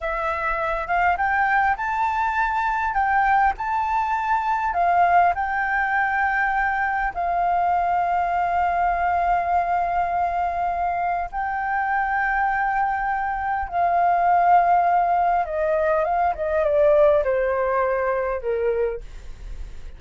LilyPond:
\new Staff \with { instrumentName = "flute" } { \time 4/4 \tempo 4 = 101 e''4. f''8 g''4 a''4~ | a''4 g''4 a''2 | f''4 g''2. | f''1~ |
f''2. g''4~ | g''2. f''4~ | f''2 dis''4 f''8 dis''8 | d''4 c''2 ais'4 | }